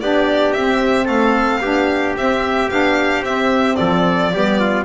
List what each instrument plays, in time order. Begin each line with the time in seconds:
0.00 double bass B3, saxophone D4, trumpet G4, violin D5
0.52 saxophone C4, double bass C4, violin E5
1.04 double bass A3, trumpet A4, violin F5
1.60 double bass B3, saxophone D4, trumpet G4
2.15 double bass C4, saxophone C4, violin E5
2.69 double bass B3, saxophone D4, violin F5
3.19 double bass C4, saxophone C4, violin E5
3.75 double bass F3, trumpet A4, violin D5
4.33 double bass G3, saxophone B3, trumpet G4
4.59 trumpet F4